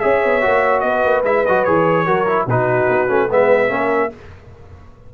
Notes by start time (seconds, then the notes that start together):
0.00 C#4 G#4 C#5 E5
0.24 B3
0.41 A#3 F#4
0.80 B3 B4 D#5
1.04 A#3
1.23 G#3 E4 E5
1.46 F#3 F#4 D#5
1.64 E3 G#4 C#5
2.06 F#3 F#4 A#4
2.26 E4
2.46 B2 D#4 F#4 B4
2.89 B3
3.08 A3 C#4
3.30 G#3 B3 B4 E5
3.68 A#3 C#4 A#4